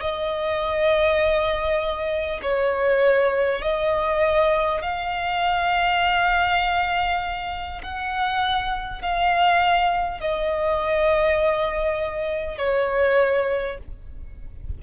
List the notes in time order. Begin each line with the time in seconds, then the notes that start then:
0.00 D#5
2.42 C#5
3.61 D#5
4.81 F5
7.82 F#5
9.01 F5
10.21 D#5
12.58 C#5